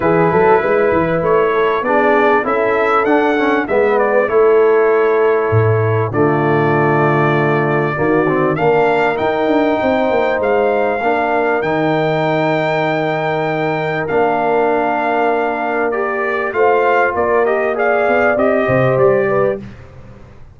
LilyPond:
<<
  \new Staff \with { instrumentName = "trumpet" } { \time 4/4 \tempo 4 = 98 b'2 cis''4 d''4 | e''4 fis''4 e''8 d''8 cis''4~ | cis''2 d''2~ | d''2 f''4 g''4~ |
g''4 f''2 g''4~ | g''2. f''4~ | f''2 d''4 f''4 | d''8 dis''8 f''4 dis''4 d''4 | }
  \new Staff \with { instrumentName = "horn" } { \time 4/4 gis'8 a'8 b'4. a'8 gis'4 | a'2 b'4 a'4~ | a'2 f'2~ | f'4 fis'4 ais'2 |
c''2 ais'2~ | ais'1~ | ais'2. c''4 | ais'4 d''4. c''4 b'8 | }
  \new Staff \with { instrumentName = "trombone" } { \time 4/4 e'2. d'4 | e'4 d'8 cis'8 b4 e'4~ | e'2 a2~ | a4 ais8 c'8 d'4 dis'4~ |
dis'2 d'4 dis'4~ | dis'2. d'4~ | d'2 g'4 f'4~ | f'8 g'8 gis'4 g'2 | }
  \new Staff \with { instrumentName = "tuba" } { \time 4/4 e8 fis8 gis8 e8 a4 b4 | cis'4 d'4 gis4 a4~ | a4 a,4 d2~ | d4 dis4 ais4 dis'8 d'8 |
c'8 ais8 gis4 ais4 dis4~ | dis2. ais4~ | ais2. a4 | ais4. b8 c'8 c8 g4 | }
>>